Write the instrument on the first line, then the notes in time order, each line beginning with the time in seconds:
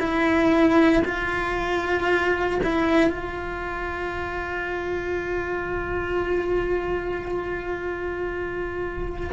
cello
0.00 E4
1.05 F4
2.64 E4
3.10 F4